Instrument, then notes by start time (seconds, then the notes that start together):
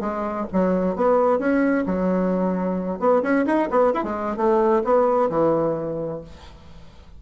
bassoon
0.00 G#3
0.52 F#3
0.96 B3
1.39 C#4
1.86 F#3
2.99 B3
3.22 C#4
3.46 D#4
3.70 B3
3.93 E4
4.03 G#3
4.36 A3
4.84 B3
5.29 E3